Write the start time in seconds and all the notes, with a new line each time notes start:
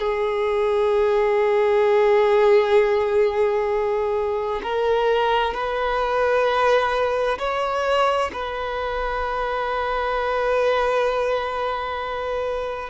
0.00 G#4
4.63 A#4
5.54 B4
7.39 C#5
8.33 B4